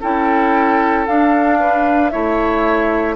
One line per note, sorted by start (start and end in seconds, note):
0.00 1.08 C#4
0.00 1.07 E4
0.00 1.58 A4
0.00 1.07 G5
1.07 2.11 D4
1.07 2.13 D4
1.07 2.10 F5
1.60 2.12 B4
2.10 3.15 A3
2.10 3.15 E4
2.10 3.15 C#5
2.10 3.15 E5